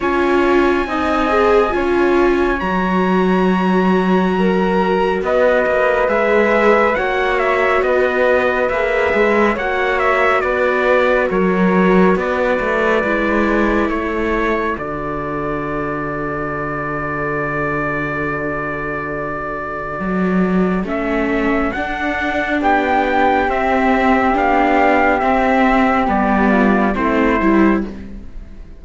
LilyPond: <<
  \new Staff \with { instrumentName = "trumpet" } { \time 4/4 \tempo 4 = 69 gis''2. ais''4~ | ais''2 dis''4 e''4 | fis''8 e''8 dis''4 e''4 fis''8 e''8 | d''4 cis''4 d''2 |
cis''4 d''2.~ | d''1 | e''4 fis''4 g''4 e''4 | f''4 e''4 d''4 c''4 | }
  \new Staff \with { instrumentName = "flute" } { \time 4/4 cis''4 dis''4 cis''2~ | cis''4 ais'4 b'2 | cis''4 b'2 cis''4 | b'4 ais'4 b'2 |
a'1~ | a'1~ | a'2 g'2~ | g'2~ g'8 f'8 e'4 | }
  \new Staff \with { instrumentName = "viola" } { \time 4/4 f'4 dis'8 gis'8 f'4 fis'4~ | fis'2. gis'4 | fis'2 gis'4 fis'4~ | fis'2. e'4~ |
e'4 fis'2.~ | fis'1 | cis'4 d'2 c'4 | d'4 c'4 b4 c'8 e'8 | }
  \new Staff \with { instrumentName = "cello" } { \time 4/4 cis'4 c'4 cis'4 fis4~ | fis2 b8 ais8 gis4 | ais4 b4 ais8 gis8 ais4 | b4 fis4 b8 a8 gis4 |
a4 d2.~ | d2. fis4 | a4 d'4 b4 c'4 | b4 c'4 g4 a8 g8 | }
>>